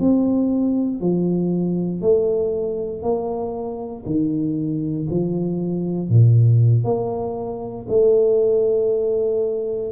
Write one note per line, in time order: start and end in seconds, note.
0.00 1.01 C4
1.01 2.02 F3
2.02 3.03 A3
3.03 4.04 A#3
4.06 5.08 D#3
5.11 6.10 F3
6.10 6.85 A#2
6.85 7.86 A#3
7.89 9.92 A3